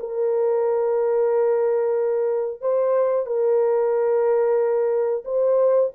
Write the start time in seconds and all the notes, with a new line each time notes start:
0.00 A#4
2.61 C5
3.27 A#4
5.25 C5